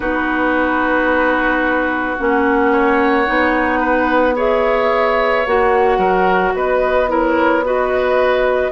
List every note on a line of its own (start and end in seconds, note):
0.00 2.17 B3
0.00 2.17 D#4
0.00 2.71 F#4
0.00 2.16 B4
2.18 3.28 A#3
2.18 3.25 C#4
2.18 4.36 F#5
2.72 3.79 C#5
3.25 5.46 B3
3.25 4.35 D#4
3.79 4.34 B4
4.35 5.44 G#4
4.35 5.98 C#5
4.35 5.45 E5
5.45 5.97 A#3
5.45 7.08 F#4
5.45 6.55 F#5
5.97 6.52 F#3
5.97 6.52 A#4
6.54 8.71 B3
6.54 7.10 B4
6.54 7.10 D#5
7.08 7.62 E4
7.08 7.64 A#4
7.08 7.65 C#5
7.64 8.71 F#4
7.64 8.71 B4
7.64 8.71 D#5